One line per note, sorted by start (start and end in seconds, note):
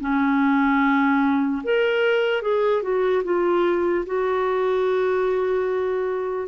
0.00 1.62 C#4
1.63 2.42 A#4
2.42 2.82 G#4
2.82 3.23 F#4
3.24 4.05 F4
4.06 6.48 F#4